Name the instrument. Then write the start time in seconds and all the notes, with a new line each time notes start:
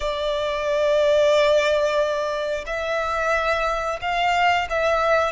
violin
0.00 D5
2.66 E5
4.01 F5
4.69 E5